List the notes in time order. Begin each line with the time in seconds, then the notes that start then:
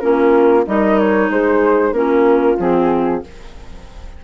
0.00 A#3 C#4 F4 A#4
0.66 G3 D#4 A#4 D#5
0.99 C#5
1.30 G#3 G#4 C5
1.92 A#3 C#4 F4 A#4
2.58 F3 C4 G#4